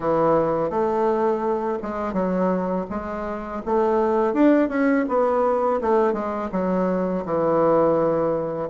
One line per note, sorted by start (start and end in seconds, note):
0.00 0.69 E3
0.69 1.78 A3
1.82 2.13 G#3
2.13 2.85 F#3
2.89 3.62 G#3
3.65 4.33 A3
4.33 4.69 D4
4.69 5.05 C#4
5.08 5.80 B3
5.81 6.12 A3
6.12 6.49 G#3
6.52 7.24 F#3
7.25 8.69 E3